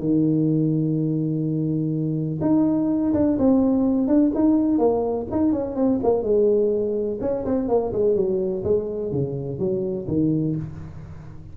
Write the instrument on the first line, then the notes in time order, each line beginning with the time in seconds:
tuba
0.00 D#3
2.42 D#4
3.14 D4
3.39 C4
4.08 D4
4.35 D#4
4.79 A#3
5.32 D#4
5.53 C#4
5.76 C4
6.04 A#3
6.23 G#3
7.21 C#4
7.46 C4
7.69 A#3
7.93 G#3
8.16 F#3
8.65 G#3
9.12 C#3
9.59 F#3
10.08 D#3